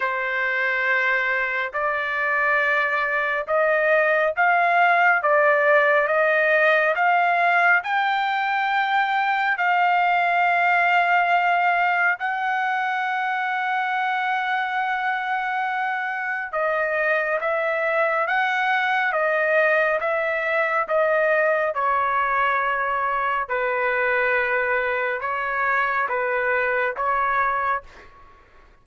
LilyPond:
\new Staff \with { instrumentName = "trumpet" } { \time 4/4 \tempo 4 = 69 c''2 d''2 | dis''4 f''4 d''4 dis''4 | f''4 g''2 f''4~ | f''2 fis''2~ |
fis''2. dis''4 | e''4 fis''4 dis''4 e''4 | dis''4 cis''2 b'4~ | b'4 cis''4 b'4 cis''4 | }